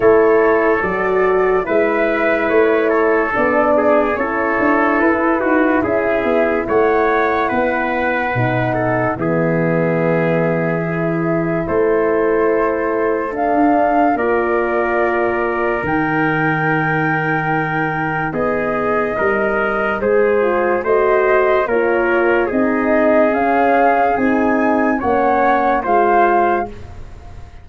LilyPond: <<
  \new Staff \with { instrumentName = "flute" } { \time 4/4 \tempo 4 = 72 cis''4 d''4 e''4 cis''4 | d''4 cis''4 b'4 e''4 | fis''2. e''4~ | e''2 c''2 |
f''4 d''2 g''4~ | g''2 dis''2 | c''4 dis''4 cis''4 dis''4 | f''4 gis''4 fis''4 f''4 | }
  \new Staff \with { instrumentName = "trumpet" } { \time 4/4 a'2 b'4. a'8~ | a'8 gis'8 a'4. fis'8 gis'4 | cis''4 b'4. a'8 gis'4~ | gis'2 a'2~ |
a'4 ais'2.~ | ais'2 gis'4 ais'4 | gis'4 c''4 ais'4 gis'4~ | gis'2 cis''4 c''4 | }
  \new Staff \with { instrumentName = "horn" } { \time 4/4 e'4 fis'4 e'2 | d'4 e'2.~ | e'2 dis'4 b4~ | b4 e'2. |
d'4 f'2 dis'4~ | dis'1~ | dis'8 f'8 fis'4 f'4 dis'4 | cis'4 dis'4 cis'4 f'4 | }
  \new Staff \with { instrumentName = "tuba" } { \time 4/4 a4 fis4 gis4 a4 | b4 cis'8 d'8 e'8 dis'8 cis'8 b8 | a4 b4 b,4 e4~ | e2 a2~ |
a16 d'8. ais2 dis4~ | dis2 b4 g4 | gis4 a4 ais4 c'4 | cis'4 c'4 ais4 gis4 | }
>>